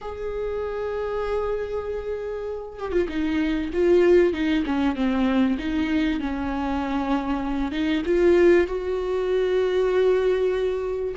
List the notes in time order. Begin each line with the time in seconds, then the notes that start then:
0.01 G#4
2.79 G4
2.92 F4
3.08 D#4
3.73 F4
4.33 D#4
4.66 C#4
4.95 C4
5.58 D#4
6.20 C#4
7.71 D#4
8.05 F4
8.67 F#4